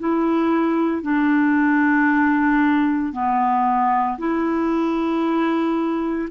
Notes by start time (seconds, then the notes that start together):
0.00 E4
1.03 D4
3.13 B3
4.19 E4